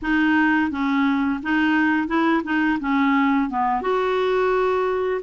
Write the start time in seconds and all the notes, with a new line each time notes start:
0.02 D#4
0.70 C#4
1.42 D#4
2.07 E4
2.44 D#4
2.80 C#4
3.49 B3
3.82 F#4